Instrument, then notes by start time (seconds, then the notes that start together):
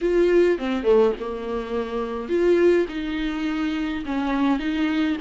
viola
0.01 F4
0.58 C4
0.83 A3
1.19 A#3
2.28 F4
2.88 D#4
4.05 C#4
4.59 D#4